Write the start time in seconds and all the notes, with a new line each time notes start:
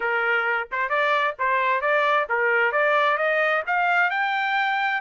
0.00 A#4
0.71 C5
0.89 D5
1.39 C5
1.81 D5
2.29 A#4
2.72 D5
3.17 D#5
3.66 F5
4.10 G5